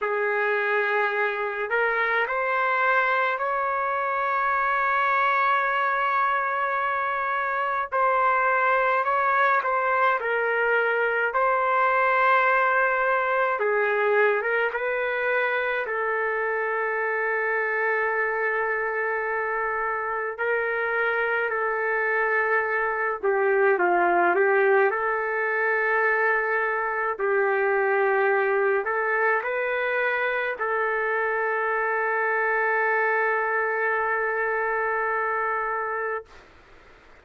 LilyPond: \new Staff \with { instrumentName = "trumpet" } { \time 4/4 \tempo 4 = 53 gis'4. ais'8 c''4 cis''4~ | cis''2. c''4 | cis''8 c''8 ais'4 c''2 | gis'8. ais'16 b'4 a'2~ |
a'2 ais'4 a'4~ | a'8 g'8 f'8 g'8 a'2 | g'4. a'8 b'4 a'4~ | a'1 | }